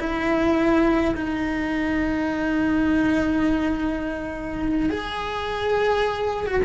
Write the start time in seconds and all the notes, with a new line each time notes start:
0.00 E4
1.16 D#4
4.90 G#4
6.47 F#4